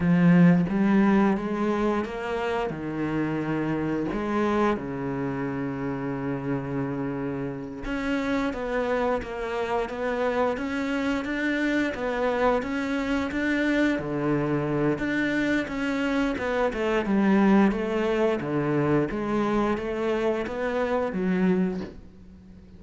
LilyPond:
\new Staff \with { instrumentName = "cello" } { \time 4/4 \tempo 4 = 88 f4 g4 gis4 ais4 | dis2 gis4 cis4~ | cis2.~ cis8 cis'8~ | cis'8 b4 ais4 b4 cis'8~ |
cis'8 d'4 b4 cis'4 d'8~ | d'8 d4. d'4 cis'4 | b8 a8 g4 a4 d4 | gis4 a4 b4 fis4 | }